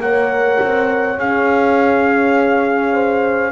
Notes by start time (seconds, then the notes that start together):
0.00 A#3 A#4 C#5 F#5
0.62 C4
1.18 C#4 G#4 F5
2.93 C5